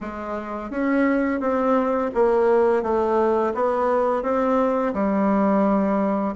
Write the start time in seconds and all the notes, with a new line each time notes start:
0.00 G#3
0.70 C#4
1.40 C4
2.14 A#3
2.82 A3
3.54 B3
4.22 C4
4.93 G3